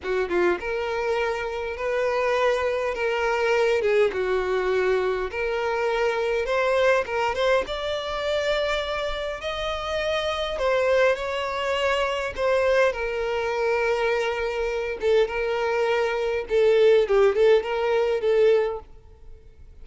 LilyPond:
\new Staff \with { instrumentName = "violin" } { \time 4/4 \tempo 4 = 102 fis'8 f'8 ais'2 b'4~ | b'4 ais'4. gis'8 fis'4~ | fis'4 ais'2 c''4 | ais'8 c''8 d''2. |
dis''2 c''4 cis''4~ | cis''4 c''4 ais'2~ | ais'4. a'8 ais'2 | a'4 g'8 a'8 ais'4 a'4 | }